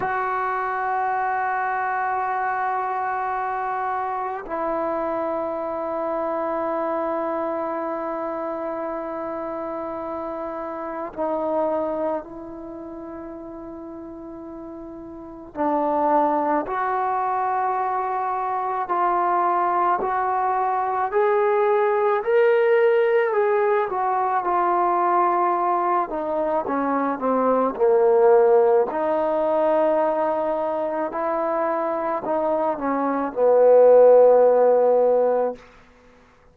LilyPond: \new Staff \with { instrumentName = "trombone" } { \time 4/4 \tempo 4 = 54 fis'1 | e'1~ | e'2 dis'4 e'4~ | e'2 d'4 fis'4~ |
fis'4 f'4 fis'4 gis'4 | ais'4 gis'8 fis'8 f'4. dis'8 | cis'8 c'8 ais4 dis'2 | e'4 dis'8 cis'8 b2 | }